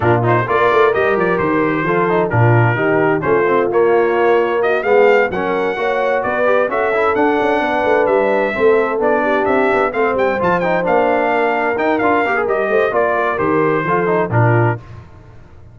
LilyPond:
<<
  \new Staff \with { instrumentName = "trumpet" } { \time 4/4 \tempo 4 = 130 ais'8 c''8 d''4 dis''8 d''8 c''4~ | c''4 ais'2 c''4 | cis''2 dis''8 f''4 fis''8~ | fis''4. d''4 e''4 fis''8~ |
fis''4. e''2 d''8~ | d''8 e''4 f''8 g''8 a''8 g''8 f''8~ | f''4. g''8 f''4 dis''4 | d''4 c''2 ais'4 | }
  \new Staff \with { instrumentName = "horn" } { \time 4/4 f'4 ais'2. | a'4 f'4 g'4 f'4~ | f'2 fis'8 gis'4 ais'8~ | ais'8 cis''4 b'4 a'4.~ |
a'8 b'2 a'4. | g'4. c''2~ c''8~ | c''8 ais'2. c''8 | d''8 ais'4. a'4 f'4 | }
  \new Staff \with { instrumentName = "trombone" } { \time 4/4 d'8 dis'8 f'4 g'2 | f'8 dis'8 d'4 dis'4 cis'8 c'8 | ais2~ ais8 b4 cis'8~ | cis'8 fis'4. g'8 fis'8 e'8 d'8~ |
d'2~ d'8 c'4 d'8~ | d'4. c'4 f'8 dis'8 d'8~ | d'4. dis'8 f'8 g'16 gis'16 g'4 | f'4 g'4 f'8 dis'8 d'4 | }
  \new Staff \with { instrumentName = "tuba" } { \time 4/4 ais,4 ais8 a8 g8 f8 dis4 | f4 ais,4 dis4 a4 | ais2~ ais8 gis4 fis8~ | fis8 ais4 b4 cis'4 d'8 |
cis'8 b8 a8 g4 a4 b8~ | b8 c'8 b8 a8 g8 f4 ais8~ | ais4. dis'8 d'8 ais8 g8 a8 | ais4 dis4 f4 ais,4 | }
>>